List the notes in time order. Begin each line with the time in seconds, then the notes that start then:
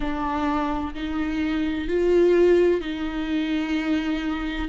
0.00 D4
0.94 D#4
1.87 F4
2.80 D#4